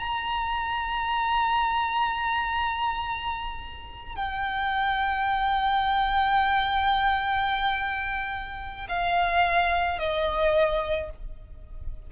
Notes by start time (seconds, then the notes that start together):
0.00 A#5
4.16 G5
8.89 F5
9.99 D#5